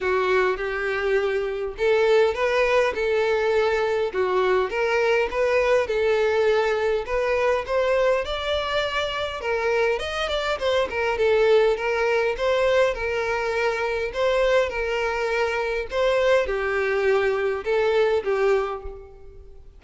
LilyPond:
\new Staff \with { instrumentName = "violin" } { \time 4/4 \tempo 4 = 102 fis'4 g'2 a'4 | b'4 a'2 fis'4 | ais'4 b'4 a'2 | b'4 c''4 d''2 |
ais'4 dis''8 d''8 c''8 ais'8 a'4 | ais'4 c''4 ais'2 | c''4 ais'2 c''4 | g'2 a'4 g'4 | }